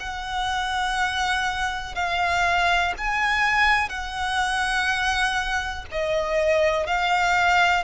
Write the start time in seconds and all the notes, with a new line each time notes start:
0.00 F#5
1.95 F5
2.98 G#5
3.89 F#5
5.92 D#5
6.87 F5